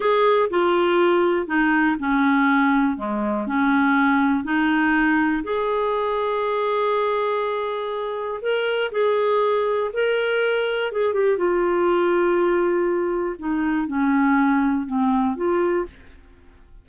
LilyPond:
\new Staff \with { instrumentName = "clarinet" } { \time 4/4 \tempo 4 = 121 gis'4 f'2 dis'4 | cis'2 gis4 cis'4~ | cis'4 dis'2 gis'4~ | gis'1~ |
gis'4 ais'4 gis'2 | ais'2 gis'8 g'8 f'4~ | f'2. dis'4 | cis'2 c'4 f'4 | }